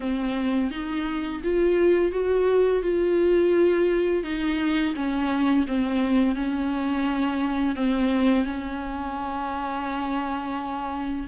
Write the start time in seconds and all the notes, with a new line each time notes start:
0.00 C4
0.71 D#4
1.43 F4
2.11 F#4
2.82 F4
4.23 D#4
4.95 C#4
5.67 C4
6.35 C#4
7.75 C4
8.44 C#4